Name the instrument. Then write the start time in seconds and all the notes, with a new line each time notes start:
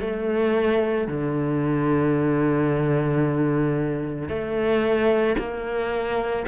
cello
0.00 A3
1.07 D3
4.28 A3
5.38 A#3